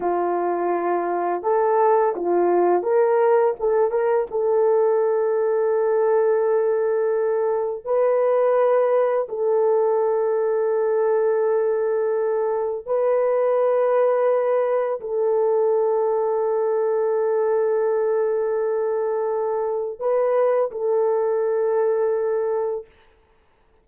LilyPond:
\new Staff \with { instrumentName = "horn" } { \time 4/4 \tempo 4 = 84 f'2 a'4 f'4 | ais'4 a'8 ais'8 a'2~ | a'2. b'4~ | b'4 a'2.~ |
a'2 b'2~ | b'4 a'2.~ | a'1 | b'4 a'2. | }